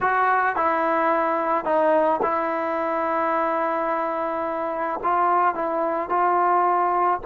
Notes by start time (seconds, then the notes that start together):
0.01 F#4
0.56 E4
1.65 D#4
2.22 E4
5.03 F4
5.55 E4
6.09 F4